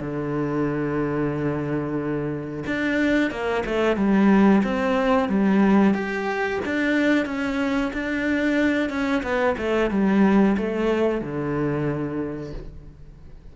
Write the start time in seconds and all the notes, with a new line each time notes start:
0.00 D3
2.66 D4
3.31 A#3
3.65 A3
3.96 G3
4.63 C4
5.28 G3
5.94 G4
6.65 D4
7.25 C#4
7.93 D4
8.89 C#4
9.22 B3
9.57 A3
9.90 G3
10.57 A3
11.21 D3